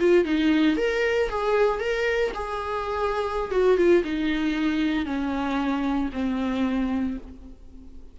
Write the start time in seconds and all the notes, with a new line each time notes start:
0.00 F4
0.25 D#4
0.77 A#4
1.30 G#4
1.80 A#4
2.35 G#4
3.52 F#4
3.78 F4
4.05 D#4
5.06 C#4
6.14 C4